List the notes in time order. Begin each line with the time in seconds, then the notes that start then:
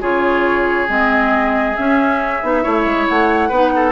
0.00 C#3 F4 G#4 C#5
0.87 G#3 C4 D#5
1.75 C#4 E5
2.42 B3 D#4
2.62 A3 E4 C#5
2.85 G#3
3.07 A3 F#5
3.48 B3 D#4 B4
3.75 A4